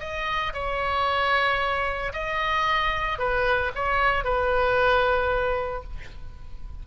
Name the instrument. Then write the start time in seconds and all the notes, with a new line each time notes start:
oboe
0.00 D#5
0.53 C#5
2.13 D#5
3.19 B4
3.75 C#5
4.24 B4